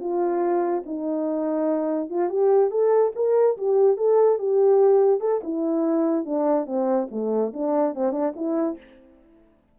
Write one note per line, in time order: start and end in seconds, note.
0.00 0.83 F4
0.86 2.10 D#4
2.10 2.29 F4
2.29 2.71 G4
2.71 3.12 A4
3.15 3.57 A#4
3.57 3.97 G4
3.97 4.38 A4
4.39 5.20 G4
5.20 5.41 A4
5.43 6.25 E4
6.25 6.66 D4
6.66 7.08 C4
7.11 7.53 A3
7.53 7.95 D4
7.95 8.12 C4
8.12 8.33 D4
8.36 8.77 E4